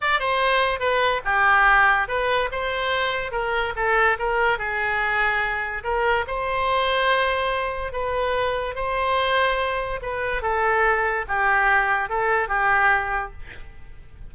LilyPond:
\new Staff \with { instrumentName = "oboe" } { \time 4/4 \tempo 4 = 144 d''8 c''4. b'4 g'4~ | g'4 b'4 c''2 | ais'4 a'4 ais'4 gis'4~ | gis'2 ais'4 c''4~ |
c''2. b'4~ | b'4 c''2. | b'4 a'2 g'4~ | g'4 a'4 g'2 | }